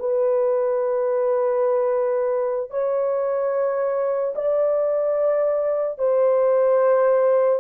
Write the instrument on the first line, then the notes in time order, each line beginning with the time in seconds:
horn
0.00 B4
2.71 C#5
4.35 D5
5.99 C5